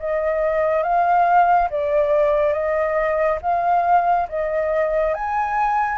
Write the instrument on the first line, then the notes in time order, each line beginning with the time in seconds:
flute
0.00 D#5
0.83 F5
1.71 D5
2.54 D#5
3.42 F5
4.29 D#5
5.15 G#5